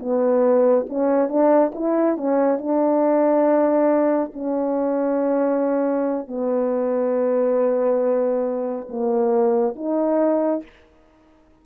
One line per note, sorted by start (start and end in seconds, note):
0.00 0.87 B3
0.89 1.29 C#4
1.29 1.72 D4
1.75 2.17 E4
2.17 2.58 C#4
2.58 4.32 D4
4.34 6.28 C#4
6.28 8.89 B3
8.90 9.76 A#3
9.76 10.63 D#4